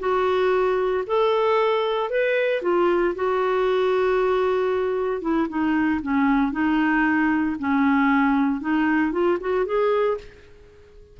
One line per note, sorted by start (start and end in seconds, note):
0.00 1.04 F#4
1.07 2.10 A4
2.10 2.62 B4
2.63 3.15 F4
3.15 5.22 F#4
5.22 5.48 E4
5.49 6.01 D#4
6.02 6.52 C#4
6.52 7.57 D#4
7.60 8.61 C#4
8.61 9.13 D#4
9.13 9.39 F4
9.41 9.66 F#4
9.66 10.18 G#4